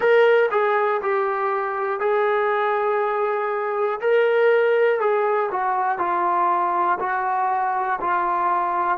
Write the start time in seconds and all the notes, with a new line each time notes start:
0.00 A#4
0.50 G#4
1.02 G4
2.00 G#4
4.00 A#4
5.00 G#4
5.50 F#4
5.98 F4
7.00 F#4
8.00 F4